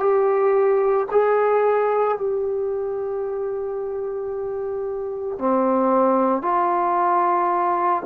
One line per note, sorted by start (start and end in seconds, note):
0.00 1.07 G4
1.12 2.18 G#4
2.18 5.39 G4
5.39 6.42 C4
6.42 8.03 F4